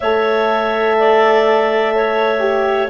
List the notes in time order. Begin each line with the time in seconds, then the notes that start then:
0.00 A3 A4 C#5 E5
0.99 D5
1.95 C#5
2.39 G4